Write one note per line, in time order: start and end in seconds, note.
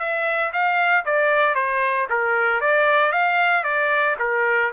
0.00 0.52 E5
0.53 1.05 F5
1.05 1.55 D5
1.55 2.07 C5
2.10 2.61 A#4
2.61 3.12 D5
3.12 3.64 F5
3.64 4.16 D5
4.20 4.72 A#4